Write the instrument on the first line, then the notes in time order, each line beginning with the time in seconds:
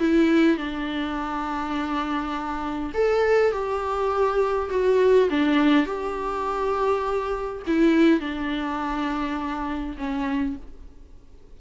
viola
0.00 E4
0.57 D4
2.94 A4
3.52 G4
4.71 F#4
5.30 D4
5.86 G4
7.67 E4
8.20 D4
9.98 C#4